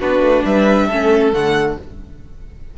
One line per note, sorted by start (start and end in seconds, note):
0.00 0.21 B3
0.00 0.91 D4
0.00 0.45 F#4
0.00 0.46 B4
0.21 0.43 A3
0.46 0.90 G3
0.46 0.88 B4
0.46 1.34 E5
0.88 1.33 A3
0.88 1.33 C#4
0.88 1.78 A4
1.33 1.78 D3
1.33 1.78 A3
1.33 1.78 F#5